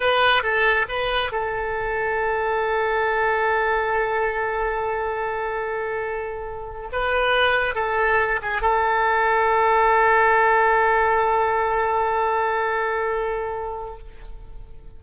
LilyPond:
\new Staff \with { instrumentName = "oboe" } { \time 4/4 \tempo 4 = 137 b'4 a'4 b'4 a'4~ | a'1~ | a'1~ | a'2.~ a'8. b'16~ |
b'4.~ b'16 a'4. gis'8 a'16~ | a'1~ | a'1~ | a'1 | }